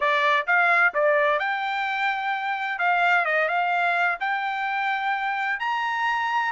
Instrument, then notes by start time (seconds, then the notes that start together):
trumpet
0.00 D5
0.46 F5
0.94 D5
1.39 G5
2.78 F5
3.25 D#5
3.48 F5
4.19 G5
5.59 A#5